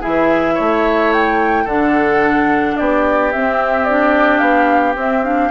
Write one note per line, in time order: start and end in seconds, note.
0.00 0.59 E3
0.00 1.66 E4
0.00 0.54 G#4
0.00 1.12 E5
0.54 1.65 A3
0.54 1.64 C#5
1.12 1.67 G5
1.64 2.75 D3
1.64 3.32 D4
1.64 2.74 A4
1.64 2.76 F#5
2.76 3.34 B3
2.76 5.50 G4
2.76 3.31 D5
3.32 3.88 C4
3.32 4.40 C4
3.32 3.84 E5
3.84 4.94 D4
3.84 4.38 D5
4.38 4.95 B3
4.38 4.93 F5
4.94 5.22 C4
4.94 5.50 C4
4.94 5.24 E5
5.23 5.50 D4
5.23 5.50 F5